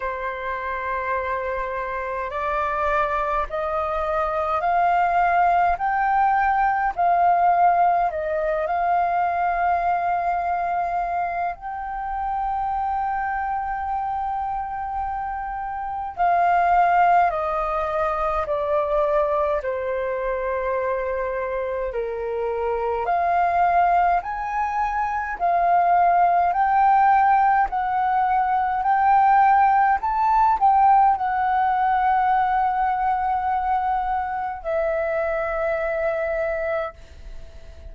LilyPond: \new Staff \with { instrumentName = "flute" } { \time 4/4 \tempo 4 = 52 c''2 d''4 dis''4 | f''4 g''4 f''4 dis''8 f''8~ | f''2 g''2~ | g''2 f''4 dis''4 |
d''4 c''2 ais'4 | f''4 gis''4 f''4 g''4 | fis''4 g''4 a''8 g''8 fis''4~ | fis''2 e''2 | }